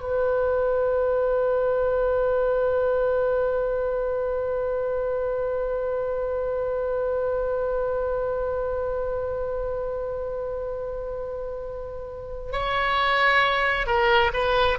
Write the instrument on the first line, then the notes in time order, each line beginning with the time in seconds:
oboe
0.00 B4
12.52 C#5
13.86 A#4
14.33 B4